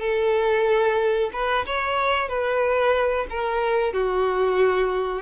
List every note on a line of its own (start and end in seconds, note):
0.00 1.31 A4
1.33 1.65 B4
1.66 2.29 C#5
2.29 3.26 B4
3.30 3.93 A#4
3.93 5.22 F#4